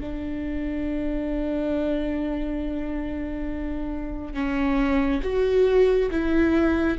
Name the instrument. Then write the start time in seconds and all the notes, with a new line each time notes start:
viola
0.00 D4
4.34 C#4
5.23 F#4
6.11 E4